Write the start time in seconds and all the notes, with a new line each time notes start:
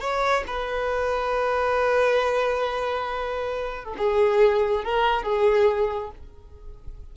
0.00 C#5
0.47 B4
3.84 A4
3.98 G#4
4.84 A#4
5.23 G#4